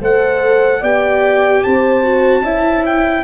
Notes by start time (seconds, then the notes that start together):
0.00 A3 A4 C5 F#5
0.80 B3 G4 D5 G5
1.63 C4 C5 A5
2.03 F#4
2.41 C#4 E4 E5
2.85 G5